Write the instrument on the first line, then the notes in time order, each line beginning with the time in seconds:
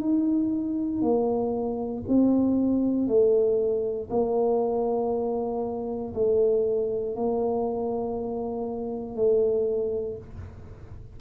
tuba
0.00 D#4
1.02 A#3
2.08 C4
3.07 A3
4.10 A#3
6.14 A3
7.16 A#3
9.16 A3